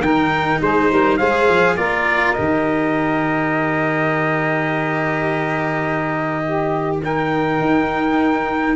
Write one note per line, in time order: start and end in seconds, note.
0.00 0.58 D#3
0.00 1.20 D#4
0.00 0.61 A#4
0.00 0.60 G5
0.61 0.90 G#3
0.61 0.90 G#4
0.61 1.17 C5
0.91 1.20 G3
0.91 1.18 A#4
1.17 1.49 G#3
1.17 1.77 G#4
1.17 1.76 C5
1.17 1.76 F5
1.49 1.77 F3
1.77 2.36 A#3
1.77 2.36 F4
1.77 6.43 A#4
1.77 2.32 D5
2.32 7.02 G4
2.32 6.98 D#5
2.39 7.60 D#3
6.45 7.03 G4
7.04 8.76 D#4
7.04 8.76 A#4
7.04 8.76 G5
7.60 8.76 D#4